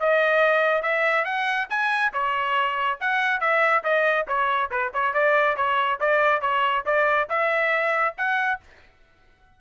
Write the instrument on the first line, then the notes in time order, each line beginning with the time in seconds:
trumpet
0.00 D#5
0.82 E5
1.25 F#5
1.70 G#5
2.13 C#5
3.01 F#5
3.41 E5
3.84 D#5
4.28 C#5
4.71 B4
4.94 C#5
5.14 D5
5.57 C#5
6.00 D5
6.41 C#5
6.86 D5
7.30 E5
8.18 F#5